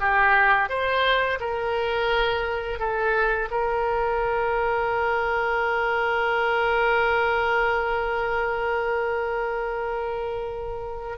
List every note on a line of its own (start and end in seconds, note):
0.00 0.69 G4
0.69 1.39 C5
1.40 2.79 A#4
2.79 3.49 A4
3.51 11.18 A#4